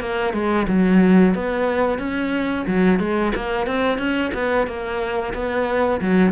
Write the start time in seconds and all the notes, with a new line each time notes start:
0.00 A#3
0.33 G#3
0.68 F#3
1.34 B3
1.98 C#4
2.67 F#3
2.99 G#3
3.35 A#3
3.66 C4
3.98 C#4
4.33 B3
4.66 A#3
5.33 B3
6.01 F#3